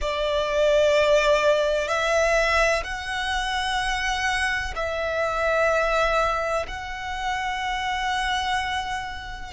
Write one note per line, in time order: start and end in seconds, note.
0.01 1.87 D5
1.87 2.83 E5
2.83 4.74 F#5
4.75 6.66 E5
6.67 9.52 F#5